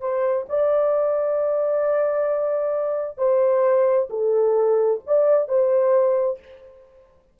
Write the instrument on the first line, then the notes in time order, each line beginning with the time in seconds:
horn
0.00 C5
0.49 D5
3.17 C5
4.09 A4
5.06 D5
5.48 C5